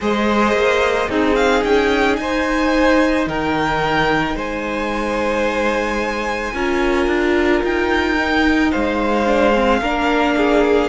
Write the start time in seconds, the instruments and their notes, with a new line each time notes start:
0.00 cello G#3, viola G#4, violin C5 D#5
0.53 cello A#3
1.08 cello C4, violin D#4 G#4, viola D#4
1.35 violin F5
1.63 cello C#4, violin G5
2.16 cello D#4, violin C5 G#5
3.26 cello D#3, violin A#4 G5
4.35 cello G#3, violin C5 G#5
6.53 cello C#4, viola F4, violin A#4
7.07 cello D4
7.63 cello D#4, violin G5
8.18 viola D#4
8.71 cello G#3, violin C5 F5
9.26 viola D4
9.54 viola C4
9.80 cello A#3, viola D4, violin A#4
10.36 violin G#4